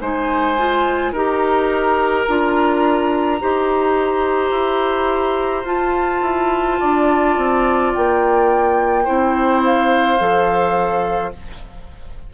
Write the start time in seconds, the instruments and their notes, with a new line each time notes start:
0.00 bassoon G#3, clarinet D#4, oboe C5, flute G#5
0.57 clarinet F4
1.12 bassoon D#4, clarinet G4, oboe A#4, flute A#5
2.27 bassoon D4, clarinet F4
3.40 bassoon D#4, clarinet G4, oboe C5
4.51 bassoon E4
5.63 bassoon F4, clarinet F4, flute A5
6.21 bassoon E4
6.80 bassoon D4, oboe D5
7.37 bassoon C4
7.93 bassoon A#3, flute G5
9.04 bassoon C4, clarinet E4, oboe C5
9.64 flute F5
10.19 bassoon F3, clarinet A4